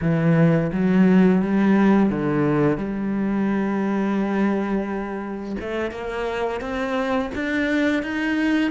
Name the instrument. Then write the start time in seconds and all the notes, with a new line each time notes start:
cello
0.01 E3
0.72 F#3
1.41 G3
2.10 D3
2.77 G3
5.60 A3
5.91 A#3
6.61 C4
7.34 D4
8.02 D#4